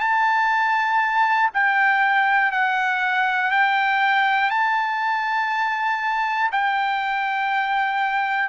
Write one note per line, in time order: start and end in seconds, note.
0.00 1.50 A5
1.54 2.51 G5
2.51 3.51 F#5
3.51 4.50 G5
4.50 6.50 A5
6.51 8.49 G5